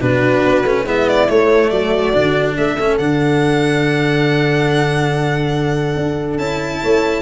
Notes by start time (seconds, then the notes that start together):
0.00 B2 D4 F#4 B4
0.44 B3
0.63 A3 C#4
0.83 G#3 B3 E4 E5
1.08 D5
1.28 A3 C#5
1.70 F#3 F#4 D5
2.13 D3 D4
2.57 A3 A4 E5
2.79 C#4
2.97 D3 D4 F#5
5.96 D4
6.37 C#4 E4 A5
6.82 A3 C#5